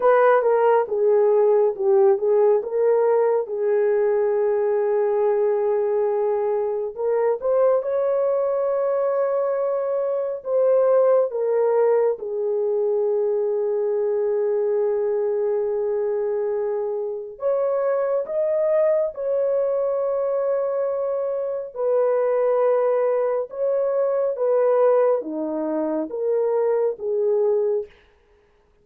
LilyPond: \new Staff \with { instrumentName = "horn" } { \time 4/4 \tempo 4 = 69 b'8 ais'8 gis'4 g'8 gis'8 ais'4 | gis'1 | ais'8 c''8 cis''2. | c''4 ais'4 gis'2~ |
gis'1 | cis''4 dis''4 cis''2~ | cis''4 b'2 cis''4 | b'4 dis'4 ais'4 gis'4 | }